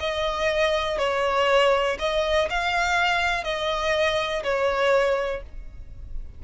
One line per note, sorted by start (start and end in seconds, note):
0.00 0.98 D#5
0.98 1.97 C#5
1.99 2.48 D#5
2.50 3.44 F5
3.44 4.43 D#5
4.44 5.43 C#5